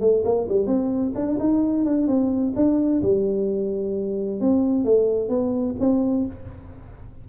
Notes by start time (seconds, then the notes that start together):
0.00 A3
0.24 A#3
0.49 G3
0.67 C4
1.15 D4
1.39 D#4
1.85 D4
2.07 C4
2.56 D4
3.02 G3
4.40 C4
4.85 A3
5.29 B3
5.79 C4